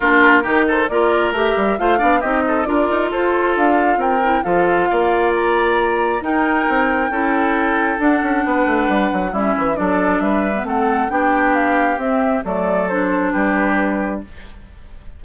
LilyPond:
<<
  \new Staff \with { instrumentName = "flute" } { \time 4/4 \tempo 4 = 135 ais'4. c''8 d''4 e''4 | f''4 dis''4 d''4 c''4 | f''4 g''4 f''2 | ais''2 g''2~ |
g''2 fis''2~ | fis''4 e''4 d''4 e''4 | fis''4 g''4 f''4 e''4 | d''4 c''4 b'2 | }
  \new Staff \with { instrumentName = "oboe" } { \time 4/4 f'4 g'8 a'8 ais'2 | c''8 d''8 g'8 a'8 ais'4 a'4~ | a'4 ais'4 a'4 d''4~ | d''2 ais'2 |
a'2. b'4~ | b'4 e'4 a'4 b'4 | a'4 g'2. | a'2 g'2 | }
  \new Staff \with { instrumentName = "clarinet" } { \time 4/4 d'4 dis'4 f'4 g'4 | f'8 d'8 dis'4 f'2~ | f'4. e'8 f'2~ | f'2 dis'2 |
e'2 d'2~ | d'4 cis'4 d'4.~ d'16 b16 | c'4 d'2 c'4 | a4 d'2. | }
  \new Staff \with { instrumentName = "bassoon" } { \time 4/4 ais4 dis4 ais4 a8 g8 | a8 b8 c'4 d'8 dis'8 f'4 | d'4 c'4 f4 ais4~ | ais2 dis'4 c'4 |
cis'2 d'8 cis'8 b8 a8 | g8 fis8 g8 e8 fis4 g4 | a4 b2 c'4 | fis2 g2 | }
>>